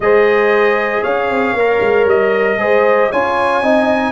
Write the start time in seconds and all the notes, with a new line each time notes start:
0.00 G#3 G#4 C5 D#5
1.02 C#4 C#5 F5
1.30 C4
1.53 A#3 A#4
1.80 G#3
2.05 G3 D#5
2.56 G#3 G#4 C5
3.11 C#4 F4 C#5 G#5
3.62 C4 D#4 D#5